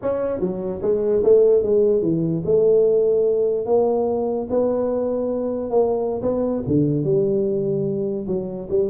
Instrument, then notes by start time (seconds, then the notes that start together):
tuba
0.01 C#4
0.40 F#3
0.82 G#3
1.23 A3
1.63 G#3
2.01 E3
2.45 A3
3.66 A#3
4.50 B3
5.70 A#3
6.22 B3
6.67 D3
7.03 G3
8.27 F#3
8.69 G3